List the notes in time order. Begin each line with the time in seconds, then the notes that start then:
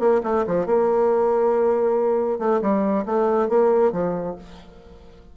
0.00 A#3
0.24 A3
0.47 F3
0.66 A#3
2.39 A3
2.62 G3
3.06 A3
3.49 A#3
3.92 F3